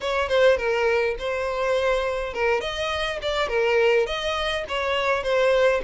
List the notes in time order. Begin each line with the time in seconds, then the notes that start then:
0.00 C#5
0.29 C5
0.57 A#4
1.18 C5
2.33 A#4
2.61 D#5
3.21 D5
3.48 A#4
4.06 D#5
4.68 C#5
5.23 C5